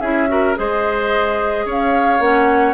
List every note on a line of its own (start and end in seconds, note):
0.00 0.56 C#4
0.00 0.28 E4
0.00 0.28 G#4
0.00 0.55 E5
0.28 0.55 F#4
0.28 0.58 A#4
0.55 1.65 G#3
0.55 2.21 G#4
0.55 1.65 C5
0.55 1.67 D#5
1.65 2.19 C#4
1.65 2.74 C#5
1.71 2.22 F5
2.19 2.74 A#3
2.19 2.74 C#4
2.19 2.74 F#5